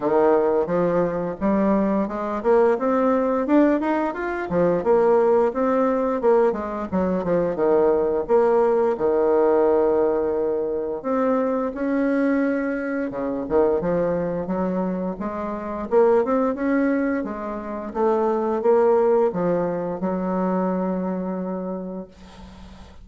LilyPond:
\new Staff \with { instrumentName = "bassoon" } { \time 4/4 \tempo 4 = 87 dis4 f4 g4 gis8 ais8 | c'4 d'8 dis'8 f'8 f8 ais4 | c'4 ais8 gis8 fis8 f8 dis4 | ais4 dis2. |
c'4 cis'2 cis8 dis8 | f4 fis4 gis4 ais8 c'8 | cis'4 gis4 a4 ais4 | f4 fis2. | }